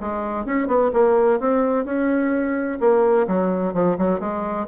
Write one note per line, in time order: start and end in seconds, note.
0.00 0.45 G#3
0.45 0.67 C#4
0.67 0.91 B3
0.92 1.39 A#3
1.39 1.85 C4
1.85 2.79 C#4
2.80 3.27 A#3
3.27 3.73 F#3
3.73 3.97 F3
3.98 4.19 F#3
4.19 4.66 G#3